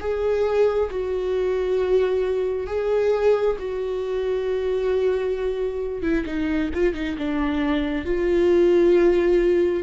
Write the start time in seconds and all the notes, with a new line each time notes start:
0.00 G#4
0.90 F#4
2.67 G#4
3.59 F#4
6.02 E4
6.25 D#4
6.74 F4
6.94 D#4
7.18 D4
8.05 F4